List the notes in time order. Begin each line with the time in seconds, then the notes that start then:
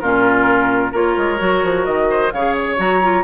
0.00 A#2 C#4 F4 A#4
0.92 A#3 F4 A#4 C#5
1.17 G#3
1.38 F#3 F#4
1.64 F3
1.85 D#3 D#5
2.10 C5
2.33 C#3 G#4 C#5 F5
2.57 C#5
2.77 F#3 F#4 A#5
3.03 F4